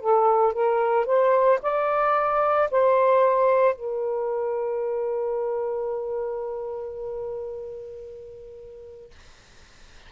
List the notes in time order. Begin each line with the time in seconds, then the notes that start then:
0.00 A4
0.53 A#4
1.06 C5
1.62 D5
2.71 C5
3.75 A#4